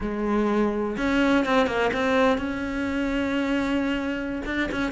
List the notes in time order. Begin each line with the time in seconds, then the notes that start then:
0.00 G#3
0.97 C#4
1.45 C4
1.66 A#3
1.93 C4
2.37 C#4
4.45 D4
4.71 C#4